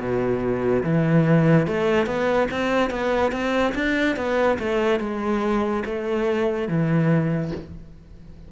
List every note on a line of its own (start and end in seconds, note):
0.00 0.83 B2
0.84 1.67 E3
1.67 2.06 A3
2.06 2.48 B3
2.51 2.91 C4
2.91 3.32 B3
3.32 3.74 C4
3.75 4.16 D4
4.16 4.58 B3
4.59 5.00 A3
5.00 5.84 G#3
5.86 6.69 A3
6.69 7.52 E3